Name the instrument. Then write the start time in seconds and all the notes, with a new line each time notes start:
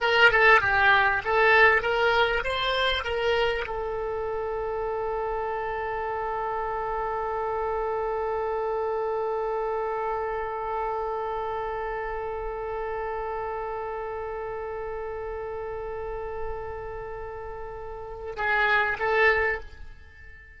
oboe
0.00 A#4
0.31 A4
0.61 G4
1.24 A4
1.81 A#4
2.44 C5
3.04 A#4
3.66 A4
18.36 G#4
18.99 A4